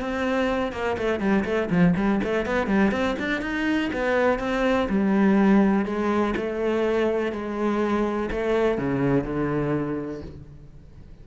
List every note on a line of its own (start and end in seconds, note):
0.00 0.72 C4
0.72 0.96 A#3
0.98 1.20 A3
1.20 1.44 G3
1.45 1.69 A3
1.70 1.94 F3
1.96 2.21 G3
2.24 2.45 A3
2.45 2.67 B3
2.67 2.91 G3
2.91 3.16 C4
3.19 3.41 D4
3.41 3.90 D#4
3.93 4.39 B3
4.39 4.88 C4
4.89 5.85 G3
5.85 6.34 G#3
6.37 7.32 A3
7.32 8.29 G#3
8.31 8.78 A3
8.78 9.24 C#3
9.24 10.21 D3